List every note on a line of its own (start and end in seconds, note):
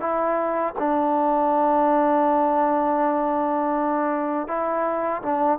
0.00 0.74 E4
0.78 4.47 D4
4.47 5.22 E4
5.23 5.58 D4